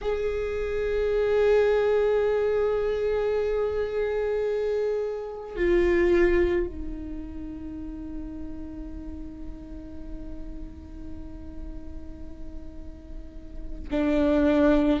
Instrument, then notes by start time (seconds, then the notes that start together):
viola
0.01 G#4
5.56 F4
6.66 D#4
13.90 D4